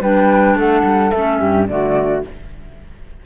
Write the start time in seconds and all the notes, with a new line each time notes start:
0.00 G3 D4 B4 G5
0.55 A3 A4 F#5
0.83 G3
1.10 A3 C#4 E5
1.39 G2 G4
1.68 D3 A3 F#4 D5